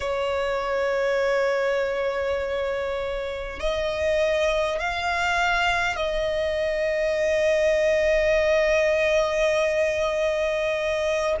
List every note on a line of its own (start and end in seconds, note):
0.00 3.59 C#5
3.59 4.79 D#5
4.79 5.96 F5
5.96 11.36 D#5